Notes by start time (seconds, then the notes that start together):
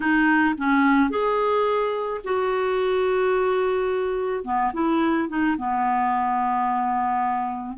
0.00 D#4
0.57 C#4
1.10 G#4
2.24 F#4
4.44 B3
4.73 E4
5.28 D#4
5.57 B3